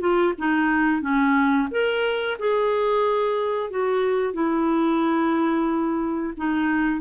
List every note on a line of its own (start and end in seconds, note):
0.00 0.33 F4
0.38 1.02 D#4
1.02 1.68 C#4
1.71 2.38 A#4
2.39 3.70 G#4
3.70 4.33 F#4
4.33 6.33 E4
6.37 7.01 D#4